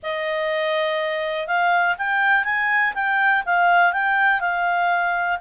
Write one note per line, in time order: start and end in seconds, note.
0.02 1.47 D#5
1.47 1.96 F5
1.98 2.44 G5
2.44 2.93 G#5
2.94 3.43 G5
3.45 3.92 F5
3.92 4.40 G5
4.40 5.39 F5